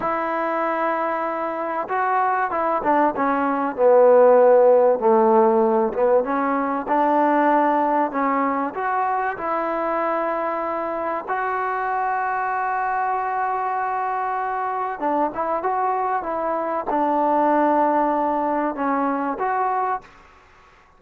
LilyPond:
\new Staff \with { instrumentName = "trombone" } { \time 4/4 \tempo 4 = 96 e'2. fis'4 | e'8 d'8 cis'4 b2 | a4. b8 cis'4 d'4~ | d'4 cis'4 fis'4 e'4~ |
e'2 fis'2~ | fis'1 | d'8 e'8 fis'4 e'4 d'4~ | d'2 cis'4 fis'4 | }